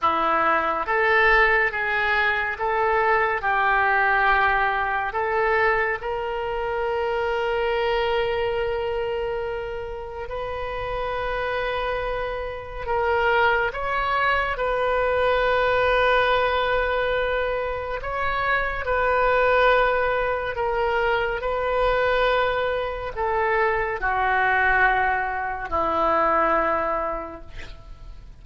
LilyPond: \new Staff \with { instrumentName = "oboe" } { \time 4/4 \tempo 4 = 70 e'4 a'4 gis'4 a'4 | g'2 a'4 ais'4~ | ais'1 | b'2. ais'4 |
cis''4 b'2.~ | b'4 cis''4 b'2 | ais'4 b'2 a'4 | fis'2 e'2 | }